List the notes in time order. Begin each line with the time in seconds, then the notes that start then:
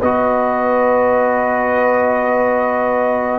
0.00 B3 F#4 B4 D#5